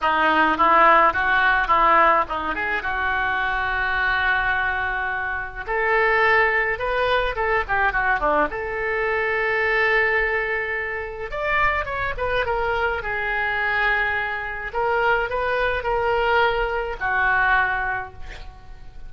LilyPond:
\new Staff \with { instrumentName = "oboe" } { \time 4/4 \tempo 4 = 106 dis'4 e'4 fis'4 e'4 | dis'8 gis'8 fis'2.~ | fis'2 a'2 | b'4 a'8 g'8 fis'8 d'8 a'4~ |
a'1 | d''4 cis''8 b'8 ais'4 gis'4~ | gis'2 ais'4 b'4 | ais'2 fis'2 | }